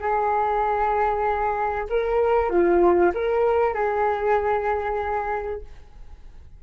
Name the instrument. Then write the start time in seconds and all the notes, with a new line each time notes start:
flute
0.00 G#4
1.89 A#4
2.49 F4
3.14 A#4
3.74 G#4